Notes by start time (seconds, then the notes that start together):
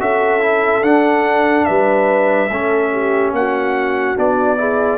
0.00 C#4 F#4 A4 E5
0.41 E4
0.83 D4 F#5
1.65 G3 B4 E5
2.50 A3 C#4 A4
2.93 G4
3.32 A#3 F#4 F#5
4.17 B3 D4 D5
4.57 E4 G#4